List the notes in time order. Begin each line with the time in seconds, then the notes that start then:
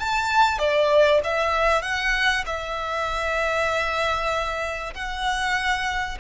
0.00 A5
0.59 D5
1.24 E5
1.83 F#5
2.47 E5
4.95 F#5